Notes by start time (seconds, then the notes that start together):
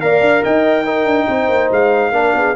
0.00 A#3 A#4 D5 F5
0.20 D4
0.43 D#4 D#5 G5
0.84 D#4 A#4
1.05 D4
1.27 C4 C5
1.48 A#3
1.71 G#3 F5
2.12 A#3 D4 A#4
2.34 B3 G#4